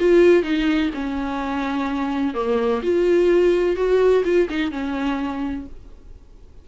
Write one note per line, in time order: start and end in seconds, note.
0.00 0.44 F4
0.44 0.91 D#4
0.94 2.35 C#4
2.35 2.82 A#3
2.83 3.77 F4
3.77 4.24 F#4
4.25 4.49 F4
4.50 4.72 D#4
4.72 5.66 C#4